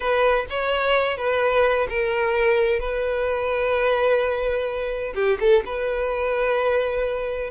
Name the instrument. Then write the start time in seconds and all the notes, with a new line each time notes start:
violin
0.00 B4
0.49 C#5
1.17 B4
1.89 A#4
2.79 B4
5.15 G4
5.40 A4
5.65 B4